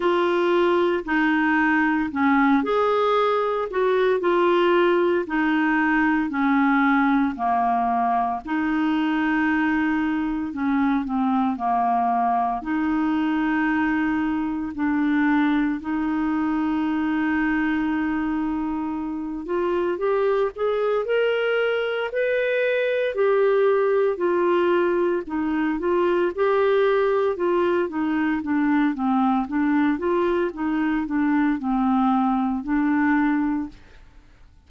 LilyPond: \new Staff \with { instrumentName = "clarinet" } { \time 4/4 \tempo 4 = 57 f'4 dis'4 cis'8 gis'4 fis'8 | f'4 dis'4 cis'4 ais4 | dis'2 cis'8 c'8 ais4 | dis'2 d'4 dis'4~ |
dis'2~ dis'8 f'8 g'8 gis'8 | ais'4 b'4 g'4 f'4 | dis'8 f'8 g'4 f'8 dis'8 d'8 c'8 | d'8 f'8 dis'8 d'8 c'4 d'4 | }